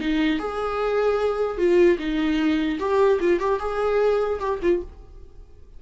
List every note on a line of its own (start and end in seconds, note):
0.00 0.39 D#4
0.39 1.57 G#4
1.57 1.97 F4
1.98 2.78 D#4
2.79 3.19 G4
3.20 3.40 F4
3.40 3.59 G4
3.59 4.39 G#4
4.40 4.60 G4
4.62 4.82 F4